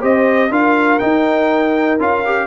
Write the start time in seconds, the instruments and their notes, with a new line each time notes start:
0.00 tuba C4, trombone G4, horn C5, trumpet D#5
0.50 tuba D4, trombone F4, horn A#4, trumpet F5
0.99 trombone D#4, tuba D#4, trumpet G5
1.99 tuba C#4, trombone F4, trumpet F5
2.25 trombone G4